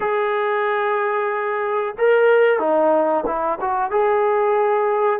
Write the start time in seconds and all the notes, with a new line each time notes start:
0.00 G#4
1.97 A#4
2.59 D#4
3.26 E4
3.60 F#4
3.90 G#4